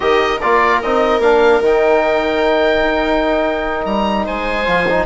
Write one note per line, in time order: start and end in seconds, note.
0.00 0.42 D#3
0.00 0.38 G4
0.00 4.25 A#4
0.00 0.40 D#5
0.40 0.83 A#3
0.40 0.83 F4
0.40 0.81 D5
0.81 1.19 C4
0.81 1.22 D#4
0.81 1.21 D#5
1.19 1.59 A#3
1.19 1.62 D4
1.19 1.61 F5
1.59 2.81 D#3
1.59 4.65 D#4
1.59 3.85 G5
2.82 3.83 D#4
3.85 4.26 G3
3.85 4.26 A#5
4.25 4.66 G#3
4.25 5.06 C5
4.25 5.06 G#5
4.65 5.06 F3
4.65 4.85 F4
4.88 5.06 D#4